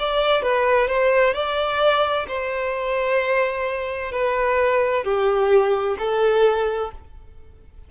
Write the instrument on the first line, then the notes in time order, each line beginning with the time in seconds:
violin
0.00 D5
0.43 B4
0.89 C5
1.34 D5
2.28 C5
4.12 B4
5.05 G4
5.99 A4